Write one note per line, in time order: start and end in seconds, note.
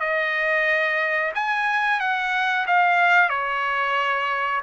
0.00 1.32 D#5
1.35 2.00 G#5
2.00 2.66 F#5
2.67 3.29 F5
3.29 4.61 C#5